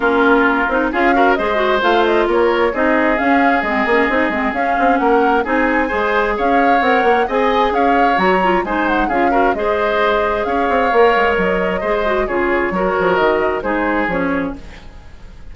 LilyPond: <<
  \new Staff \with { instrumentName = "flute" } { \time 4/4 \tempo 4 = 132 ais'2 f''4 dis''4 | f''8 dis''8 cis''4 dis''4 f''4 | dis''2 f''4 fis''4 | gis''2 f''4 fis''4 |
gis''4 f''4 ais''4 gis''8 fis''8 | f''4 dis''2 f''4~ | f''4 dis''2 cis''4~ | cis''4 dis''4 c''4 cis''4 | }
  \new Staff \with { instrumentName = "oboe" } { \time 4/4 f'2 gis'8 ais'8 c''4~ | c''4 ais'4 gis'2~ | gis'2. ais'4 | gis'4 c''4 cis''2 |
dis''4 cis''2 c''4 | gis'8 ais'8 c''2 cis''4~ | cis''2 c''4 gis'4 | ais'2 gis'2 | }
  \new Staff \with { instrumentName = "clarinet" } { \time 4/4 cis'4. dis'8 f'8 fis'8 gis'8 fis'8 | f'2 dis'4 cis'4 | c'8 cis'8 dis'8 c'8 cis'2 | dis'4 gis'2 ais'4 |
gis'2 fis'8 f'8 dis'4 | f'8 fis'8 gis'2. | ais'2 gis'8 fis'8 f'4 | fis'2 dis'4 cis'4 | }
  \new Staff \with { instrumentName = "bassoon" } { \time 4/4 ais4. c'8 cis'4 gis4 | a4 ais4 c'4 cis'4 | gis8 ais8 c'8 gis8 cis'8 c'8 ais4 | c'4 gis4 cis'4 c'8 ais8 |
c'4 cis'4 fis4 gis4 | cis'4 gis2 cis'8 c'8 | ais8 gis8 fis4 gis4 cis4 | fis8 f8 dis4 gis4 f4 | }
>>